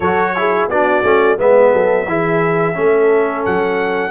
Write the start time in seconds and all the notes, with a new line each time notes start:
0.00 F#3 F#4 A4 C#5
0.35 E4 G#4
0.68 B3 D4 F#4 D5
1.03 A3 C#4
1.37 G#3 B3 B4 E5
1.72 F#3 A4
2.06 E3 E4 G#4
2.74 A3 C#4 A4
3.45 F#3 F#5